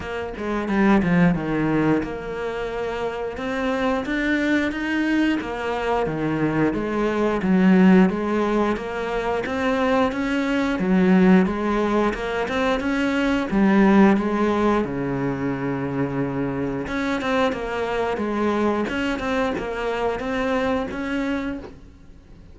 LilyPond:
\new Staff \with { instrumentName = "cello" } { \time 4/4 \tempo 4 = 89 ais8 gis8 g8 f8 dis4 ais4~ | ais4 c'4 d'4 dis'4 | ais4 dis4 gis4 fis4 | gis4 ais4 c'4 cis'4 |
fis4 gis4 ais8 c'8 cis'4 | g4 gis4 cis2~ | cis4 cis'8 c'8 ais4 gis4 | cis'8 c'8 ais4 c'4 cis'4 | }